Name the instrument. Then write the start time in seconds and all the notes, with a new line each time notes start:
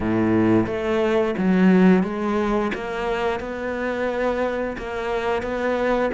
cello
0.00 A2
0.66 A3
1.38 F#3
2.03 G#3
2.74 A#3
3.40 B3
4.77 A#3
5.42 B3